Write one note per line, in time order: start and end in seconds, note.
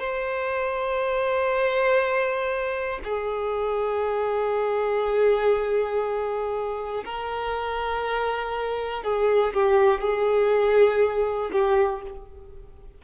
0.00 3.00 C5
3.04 7.04 G#4
7.05 9.03 A#4
9.03 9.53 G#4
9.54 10.01 G4
10.01 11.51 G#4
11.53 12.03 G4